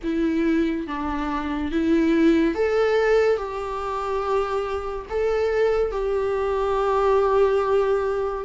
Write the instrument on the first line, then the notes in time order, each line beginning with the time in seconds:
viola
0.03 E4
0.87 D4
1.71 E4
2.54 A4
3.36 G4
5.09 A4
5.92 G4